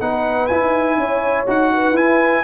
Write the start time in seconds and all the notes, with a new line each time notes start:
0.00 B3 D#4 B4 F#5
0.47 E4 G#5
0.62 D#4
0.98 C#4 C#5
1.47 D#4 F#4 F#5
1.74 B4
1.92 E4 G#5